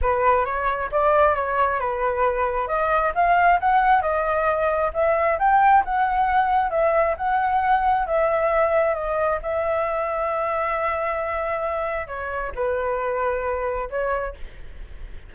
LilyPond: \new Staff \with { instrumentName = "flute" } { \time 4/4 \tempo 4 = 134 b'4 cis''4 d''4 cis''4 | b'2 dis''4 f''4 | fis''4 dis''2 e''4 | g''4 fis''2 e''4 |
fis''2 e''2 | dis''4 e''2.~ | e''2. cis''4 | b'2. cis''4 | }